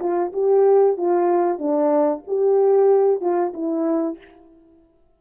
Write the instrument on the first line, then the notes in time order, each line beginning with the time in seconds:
horn
0.00 F4
0.33 G4
0.97 F4
1.59 D4
2.28 G4
3.21 F4
3.54 E4